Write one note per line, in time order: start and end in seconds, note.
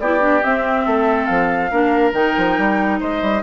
0.00 0.43 B3
0.00 0.20 E4
0.00 0.86 G4
0.00 0.43 D5
0.20 0.41 D4
0.44 1.71 C4
0.44 0.87 C4
0.44 1.26 E5
0.86 1.29 A3
0.86 1.71 A4
1.26 1.72 F3
1.26 2.12 F5
1.71 2.13 A#3
1.71 2.13 D4
1.71 3.00 A#4
2.13 2.35 D#3
2.13 3.42 D#4
2.13 3.00 G5
2.38 2.58 F3
2.58 3.01 G3
3.00 3.22 G#3
3.00 3.43 C5
3.00 3.43 D#5
3.22 3.43 G3